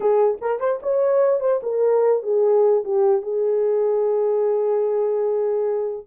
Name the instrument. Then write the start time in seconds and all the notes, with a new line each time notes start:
horn
0.00 G#4
0.41 A#4
0.60 C5
0.82 C#5
1.40 C5
1.63 A#4
2.22 G#4
2.84 G4
3.22 G#4